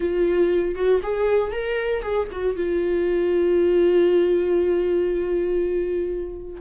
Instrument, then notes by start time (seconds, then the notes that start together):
viola
0.00 F4
0.75 F#4
1.02 G#4
1.51 A#4
2.02 G#4
2.31 F#4
2.56 F4